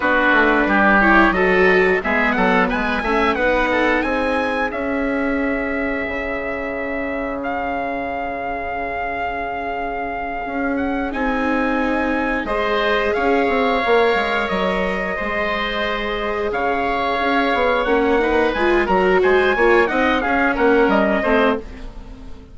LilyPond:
<<
  \new Staff \with { instrumentName = "trumpet" } { \time 4/4 \tempo 4 = 89 b'4. cis''8 dis''4 e''8 fis''8 | gis''4 fis''4 gis''4 e''4~ | e''2. f''4~ | f''1 |
fis''8 gis''2 dis''4 f''8~ | f''4. dis''2~ dis''8~ | dis''8 f''2 fis''4 gis''8 | ais''8 gis''4 fis''8 f''8 fis''8 dis''4 | }
  \new Staff \with { instrumentName = "oboe" } { \time 4/4 fis'4 g'4 a'4 gis'8 a'8 | b'8 e''8 b'8 a'8 gis'2~ | gis'1~ | gis'1~ |
gis'2~ gis'8 c''4 cis''8~ | cis''2~ cis''8 c''4.~ | c''8 cis''2~ cis''8 b'4 | ais'8 c''8 cis''8 dis''8 gis'8 ais'4 c''8 | }
  \new Staff \with { instrumentName = "viola" } { \time 4/4 d'4. e'8 fis'4 b4~ | b8 cis'8 dis'2 cis'4~ | cis'1~ | cis'1~ |
cis'8 dis'2 gis'4.~ | gis'8 ais'2 gis'4.~ | gis'2~ gis'8 cis'8 dis'8 f'8 | fis'4 f'8 dis'8 cis'4. c'8 | }
  \new Staff \with { instrumentName = "bassoon" } { \time 4/4 b8 a8 g4 fis4 gis8 fis8 | gis8 a8 b4 c'4 cis'4~ | cis'4 cis2.~ | cis2.~ cis8 cis'8~ |
cis'8 c'2 gis4 cis'8 | c'8 ais8 gis8 fis4 gis4.~ | gis8 cis4 cis'8 b8 ais4 gis8 | fis8 gis8 ais8 c'8 cis'8 ais8 g8 a8 | }
>>